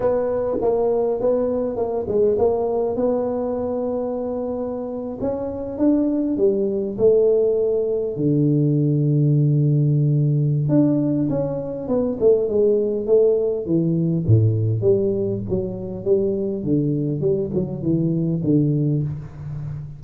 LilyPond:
\new Staff \with { instrumentName = "tuba" } { \time 4/4 \tempo 4 = 101 b4 ais4 b4 ais8 gis8 | ais4 b2.~ | b8. cis'4 d'4 g4 a16~ | a4.~ a16 d2~ d16~ |
d2 d'4 cis'4 | b8 a8 gis4 a4 e4 | a,4 g4 fis4 g4 | d4 g8 fis8 e4 d4 | }